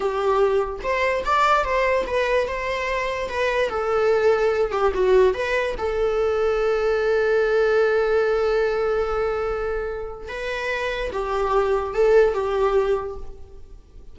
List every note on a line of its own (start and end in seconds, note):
0.00 0.79 G4
0.83 1.24 C5
1.25 1.64 D5
1.64 2.05 C5
2.06 2.47 B4
2.47 3.29 C5
3.29 3.69 B4
3.69 4.71 A4
4.71 4.92 G4
4.94 5.34 F#4
5.34 5.75 B4
5.78 10.28 A4
10.28 11.10 B4
11.12 11.93 G4
11.93 12.34 A4
12.34 13.16 G4